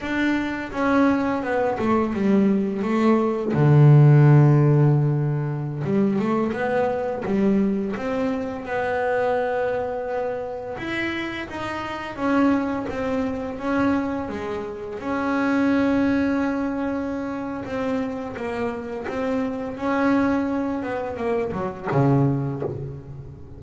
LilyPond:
\new Staff \with { instrumentName = "double bass" } { \time 4/4 \tempo 4 = 85 d'4 cis'4 b8 a8 g4 | a4 d2.~ | d16 g8 a8 b4 g4 c'8.~ | c'16 b2. e'8.~ |
e'16 dis'4 cis'4 c'4 cis'8.~ | cis'16 gis4 cis'2~ cis'8.~ | cis'4 c'4 ais4 c'4 | cis'4. b8 ais8 fis8 cis4 | }